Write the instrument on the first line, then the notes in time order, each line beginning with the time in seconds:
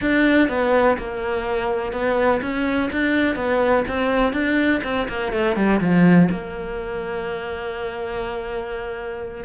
cello
0.01 D4
0.48 B3
0.98 A#3
1.92 B3
2.41 C#4
2.92 D4
3.35 B3
3.88 C4
4.33 D4
4.83 C4
5.08 A#3
5.32 A3
5.56 G3
5.80 F3
6.31 A#3